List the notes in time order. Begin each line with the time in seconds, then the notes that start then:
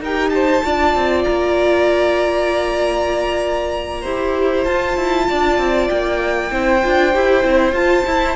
0.00 D#4 G4 A#4 G5
0.29 C5 A5
0.64 D4 F4 D5
0.95 C4
1.24 A#3 A#5
4.01 E4 G4 C5
4.64 F4 A5
4.96 E4
5.29 D4 D5
5.57 C4
5.89 A#3 G5
6.50 C4 E4 C5
6.82 D4 F4
7.13 E4 G4
7.43 C4 E4
7.72 F4 A5
8.06 E4